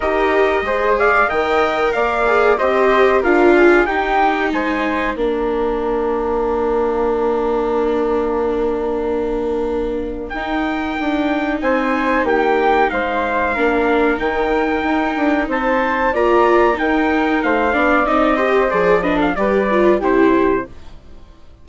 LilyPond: <<
  \new Staff \with { instrumentName = "trumpet" } { \time 4/4 \tempo 4 = 93 dis''4. f''8 g''4 f''4 | dis''4 f''4 g''4 gis''4 | f''1~ | f''1 |
g''2 gis''4 g''4 | f''2 g''2 | a''4 ais''4 g''4 f''4 | dis''4 d''8 dis''16 f''16 d''4 c''4 | }
  \new Staff \with { instrumentName = "flute" } { \time 4/4 ais'4 c''8 d''8 dis''4 d''4 | c''4 ais'8 gis'8 g'4 c''4 | ais'1~ | ais'1~ |
ais'2 c''4 g'4 | c''4 ais'2. | c''4 d''4 ais'4 c''8 d''8~ | d''8 c''4 b'16 a'16 b'4 g'4 | }
  \new Staff \with { instrumentName = "viola" } { \time 4/4 g'4 gis'4 ais'4. gis'8 | g'4 f'4 dis'2 | d'1~ | d'1 |
dis'1~ | dis'4 d'4 dis'2~ | dis'4 f'4 dis'4. d'8 | dis'8 g'8 gis'8 d'8 g'8 f'8 e'4 | }
  \new Staff \with { instrumentName = "bassoon" } { \time 4/4 dis'4 gis4 dis4 ais4 | c'4 d'4 dis'4 gis4 | ais1~ | ais1 |
dis'4 d'4 c'4 ais4 | gis4 ais4 dis4 dis'8 d'8 | c'4 ais4 dis'4 a8 b8 | c'4 f4 g4 c4 | }
>>